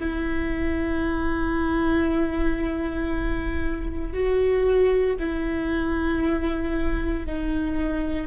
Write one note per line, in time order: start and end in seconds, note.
0.00 4.13 E4
4.13 5.16 F#4
5.19 7.26 E4
7.26 8.27 D#4